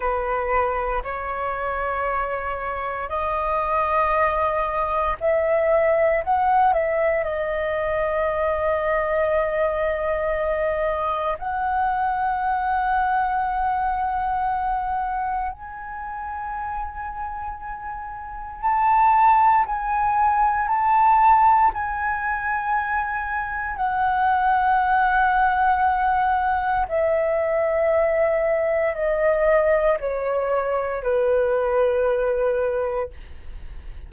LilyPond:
\new Staff \with { instrumentName = "flute" } { \time 4/4 \tempo 4 = 58 b'4 cis''2 dis''4~ | dis''4 e''4 fis''8 e''8 dis''4~ | dis''2. fis''4~ | fis''2. gis''4~ |
gis''2 a''4 gis''4 | a''4 gis''2 fis''4~ | fis''2 e''2 | dis''4 cis''4 b'2 | }